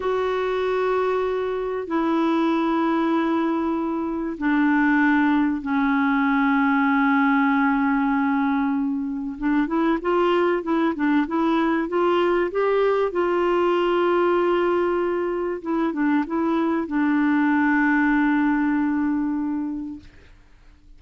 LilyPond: \new Staff \with { instrumentName = "clarinet" } { \time 4/4 \tempo 4 = 96 fis'2. e'4~ | e'2. d'4~ | d'4 cis'2.~ | cis'2. d'8 e'8 |
f'4 e'8 d'8 e'4 f'4 | g'4 f'2.~ | f'4 e'8 d'8 e'4 d'4~ | d'1 | }